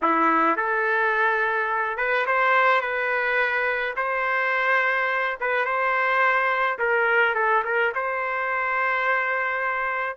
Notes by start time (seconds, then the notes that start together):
0.02 E4
0.56 A4
1.97 B4
2.26 C5
2.81 B4
3.96 C5
5.40 B4
5.65 C5
6.78 A#4
7.35 A4
7.64 A#4
7.95 C5